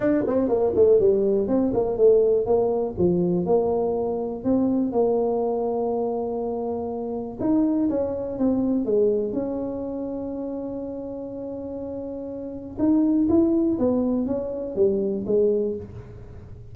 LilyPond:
\new Staff \with { instrumentName = "tuba" } { \time 4/4 \tempo 4 = 122 d'8 c'8 ais8 a8 g4 c'8 ais8 | a4 ais4 f4 ais4~ | ais4 c'4 ais2~ | ais2. dis'4 |
cis'4 c'4 gis4 cis'4~ | cis'1~ | cis'2 dis'4 e'4 | b4 cis'4 g4 gis4 | }